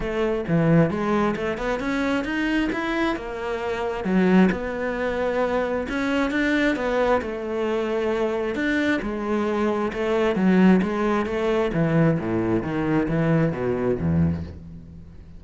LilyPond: \new Staff \with { instrumentName = "cello" } { \time 4/4 \tempo 4 = 133 a4 e4 gis4 a8 b8 | cis'4 dis'4 e'4 ais4~ | ais4 fis4 b2~ | b4 cis'4 d'4 b4 |
a2. d'4 | gis2 a4 fis4 | gis4 a4 e4 a,4 | dis4 e4 b,4 e,4 | }